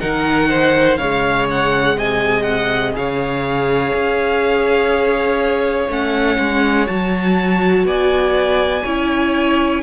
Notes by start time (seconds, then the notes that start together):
0.00 D#3 D#4 A#4 F#5
0.49 C5
0.97 C#3 G#3 C#5 F5
1.51 F#5
1.97 C3 D#5 G#5
2.43 F#5
2.93 C#3 G#4 C#5 F5
3.95 C#4
5.89 A3 C#4 F#5
6.39 G#3
6.87 F#3 F#4 A5
7.85 B3 D5 G#5
8.84 C#4 E4 C#5